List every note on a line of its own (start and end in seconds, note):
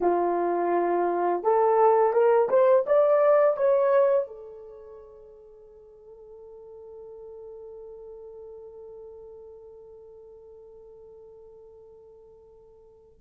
0.01 1.43 F4
1.43 2.12 A4
2.12 2.48 A#4
2.49 2.85 C5
2.86 3.56 D5
3.56 4.27 C#5
4.27 13.20 A4